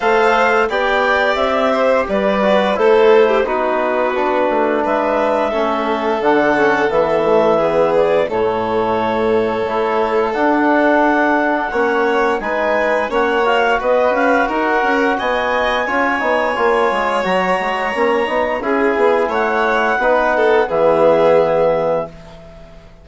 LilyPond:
<<
  \new Staff \with { instrumentName = "clarinet" } { \time 4/4 \tempo 4 = 87 f''4 g''4 e''4 d''4 | c''4 b'2 e''4~ | e''4 fis''4 e''4. d''8 | cis''2. fis''4~ |
fis''2 gis''4 fis''8 f''8 | dis''8 f''8 fis''4 gis''2~ | gis''4 ais''2 gis''4 | fis''2 e''2 | }
  \new Staff \with { instrumentName = "violin" } { \time 4/4 c''4 d''4. c''8 b'4 | a'8. g'16 fis'2 b'4 | a'2. gis'4 | a'1~ |
a'4 cis''4 b'4 cis''4 | b'4 ais'4 dis''4 cis''4~ | cis''2. gis'4 | cis''4 b'8 a'8 gis'2 | }
  \new Staff \with { instrumentName = "trombone" } { \time 4/4 a'4 g'2~ g'8 fis'8 | e'4 dis'4 d'2 | cis'4 d'8 cis'8 b8 a8 b4 | a2 e'4 d'4~ |
d'4 cis'4 dis'4 cis'8 fis'8~ | fis'2. f'8 dis'8 | f'4 fis'4 cis'8 dis'8 e'4~ | e'4 dis'4 b2 | }
  \new Staff \with { instrumentName = "bassoon" } { \time 4/4 a4 b4 c'4 g4 | a4 b4. a8 gis4 | a4 d4 e2 | a,2 a4 d'4~ |
d'4 ais4 gis4 ais4 | b8 cis'8 dis'8 cis'8 b4 cis'8 b8 | ais8 gis8 fis8 gis8 ais8 b8 cis'8 b8 | a4 b4 e2 | }
>>